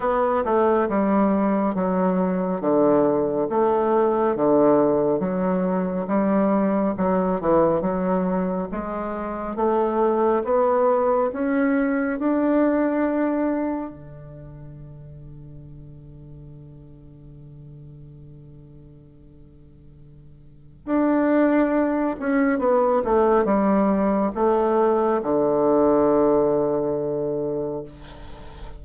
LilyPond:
\new Staff \with { instrumentName = "bassoon" } { \time 4/4 \tempo 4 = 69 b8 a8 g4 fis4 d4 | a4 d4 fis4 g4 | fis8 e8 fis4 gis4 a4 | b4 cis'4 d'2 |
d1~ | d1 | d'4. cis'8 b8 a8 g4 | a4 d2. | }